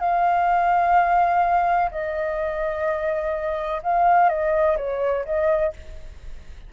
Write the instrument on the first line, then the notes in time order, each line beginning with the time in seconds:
flute
0.00 F5
1.91 D#5
3.83 F5
4.29 D#5
4.77 C#5
5.26 D#5